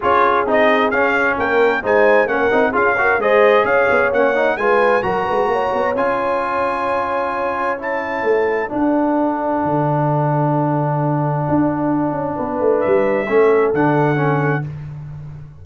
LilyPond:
<<
  \new Staff \with { instrumentName = "trumpet" } { \time 4/4 \tempo 4 = 131 cis''4 dis''4 f''4 g''4 | gis''4 fis''4 f''4 dis''4 | f''4 fis''4 gis''4 ais''4~ | ais''4 gis''2.~ |
gis''4 a''2 fis''4~ | fis''1~ | fis''1 | e''2 fis''2 | }
  \new Staff \with { instrumentName = "horn" } { \time 4/4 gis'2. ais'4 | c''4 ais'4 gis'8 ais'8 c''4 | cis''2 b'4 ais'8 b'8 | cis''1~ |
cis''2. a'4~ | a'1~ | a'2. b'4~ | b'4 a'2. | }
  \new Staff \with { instrumentName = "trombone" } { \time 4/4 f'4 dis'4 cis'2 | dis'4 cis'8 dis'8 f'8 fis'8 gis'4~ | gis'4 cis'8 dis'8 f'4 fis'4~ | fis'4 f'2.~ |
f'4 e'2 d'4~ | d'1~ | d'1~ | d'4 cis'4 d'4 cis'4 | }
  \new Staff \with { instrumentName = "tuba" } { \time 4/4 cis'4 c'4 cis'4 ais4 | gis4 ais8 c'8 cis'4 gis4 | cis'8 b8 ais4 gis4 fis8 gis8 | ais8 b8 cis'2.~ |
cis'2 a4 d'4~ | d'4 d2.~ | d4 d'4. cis'8 b8 a8 | g4 a4 d2 | }
>>